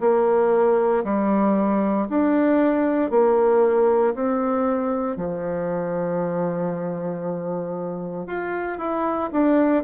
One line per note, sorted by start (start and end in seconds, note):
0.00 1.03 A#3
1.04 2.07 G3
2.09 3.10 D4
3.10 4.14 A#3
4.14 5.16 C4
5.16 8.26 F3
8.26 8.78 F4
8.78 9.30 E4
9.32 9.83 D4